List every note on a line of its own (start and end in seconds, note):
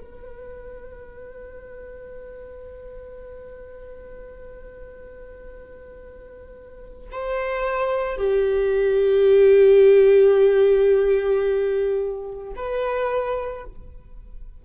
0.00 7.09 B4
7.12 8.18 C5
8.18 12.54 G4
12.56 13.65 B4